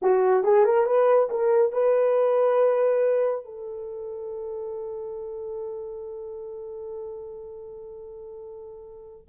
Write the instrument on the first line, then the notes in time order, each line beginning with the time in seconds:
horn
0.02 F#4
0.43 G#4
0.65 A#4
0.86 B4
1.30 A#4
1.72 B4
3.44 A4